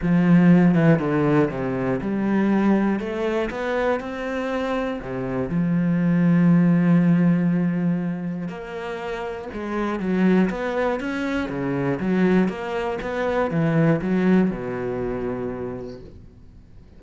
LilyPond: \new Staff \with { instrumentName = "cello" } { \time 4/4 \tempo 4 = 120 f4. e8 d4 c4 | g2 a4 b4 | c'2 c4 f4~ | f1~ |
f4 ais2 gis4 | fis4 b4 cis'4 cis4 | fis4 ais4 b4 e4 | fis4 b,2. | }